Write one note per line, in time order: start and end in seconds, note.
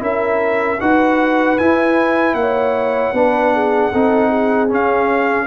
0.00 0.80 C#4
0.00 0.78 E4
0.00 0.81 A#4
0.00 0.81 E5
0.81 1.60 D#4
0.81 1.59 F#4
0.81 2.36 B4
0.81 1.59 F#5
1.59 3.15 E4
1.59 2.35 E4
1.59 2.35 G#5
2.35 3.12 A#3
2.35 4.69 F#5
2.41 3.15 C#5
3.13 3.91 B3
3.13 3.93 D4
3.13 3.54 B4
3.54 3.92 G#4
3.92 4.72 C4
3.92 4.69 D#4
3.92 4.30 A4
4.30 5.46 G#4
4.69 5.47 C#4
4.69 5.47 F5